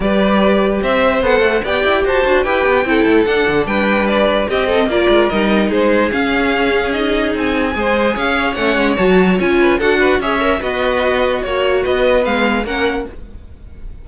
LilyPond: <<
  \new Staff \with { instrumentName = "violin" } { \time 4/4 \tempo 4 = 147 d''2 e''4 fis''4 | g''4 a''4 g''2 | fis''4 g''4 d''4 dis''4 | d''4 dis''4 c''4 f''4~ |
f''4 dis''4 gis''2 | f''4 fis''4 a''4 gis''4 | fis''4 e''4 dis''2 | cis''4 dis''4 f''4 fis''4 | }
  \new Staff \with { instrumentName = "violin" } { \time 4/4 b'2 c''2 | d''4 c''4 b'4 a'4~ | a'4 b'2 g'8 a'8 | ais'2 gis'2~ |
gis'2. c''4 | cis''2.~ cis''8 b'8 | a'8 b'8 cis''4 fis'2~ | fis'4 b'2 ais'4 | }
  \new Staff \with { instrumentName = "viola" } { \time 4/4 g'2. a'4 | g'4. fis'8 g'4 e'4 | d'2. c'4 | f'4 dis'2 cis'4~ |
cis'4 dis'2 gis'4~ | gis'4 cis'4 fis'4 f'4 | fis'4 gis'8 ais'8 b'2 | fis'2 b4 cis'4 | }
  \new Staff \with { instrumentName = "cello" } { \time 4/4 g2 c'4 b8 a8 | b8 e'8 fis'8 d'8 e'8 b8 c'8 a8 | d'8 d8 g2 c'4 | ais8 gis8 g4 gis4 cis'4~ |
cis'2 c'4 gis4 | cis'4 a8 gis8 fis4 cis'4 | d'4 cis'4 b2 | ais4 b4 gis4 ais4 | }
>>